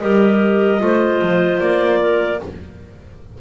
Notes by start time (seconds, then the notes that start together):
0.00 G3 G4 A#4 D#5
0.79 A3 F4 C5
1.22 F3
1.60 A#3 D5
2.00 A#4